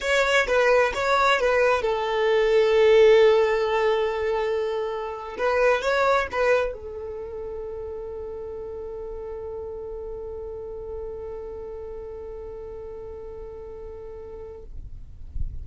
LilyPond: \new Staff \with { instrumentName = "violin" } { \time 4/4 \tempo 4 = 131 cis''4 b'4 cis''4 b'4 | a'1~ | a'2.~ a'8. b'16~ | b'8. cis''4 b'4 a'4~ a'16~ |
a'1~ | a'1~ | a'1~ | a'1 | }